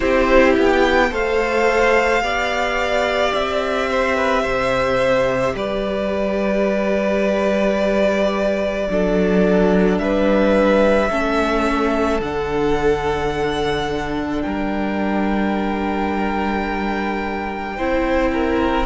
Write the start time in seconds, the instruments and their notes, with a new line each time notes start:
0.00 cello C4, viola E4, violin G4 C5
0.56 cello B3, violin G5
1.10 cello A3, viola A4, violin C5 F5
2.21 cello B3, viola G4, violin D5
3.33 cello C4, violin E5
3.90 violin C5
4.16 violin B4
4.42 cello C3, violin C5
5.54 cello G3, violin B4 D5
8.89 cello F#3, viola D4, violin A4
9.98 cello G3, violin B4 E5
11.09 cello A3, viola C#4, violin A4
12.19 cello D3, viola D4, violin F#5
14.41 cello G3, violin A#4 G5
17.75 cello C4, viola E4, violin C5
18.32 violin A#4